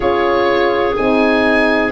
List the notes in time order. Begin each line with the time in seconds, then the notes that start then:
0.00 C#4 F4 G#4 C#5
0.96 C4 D#4 G#5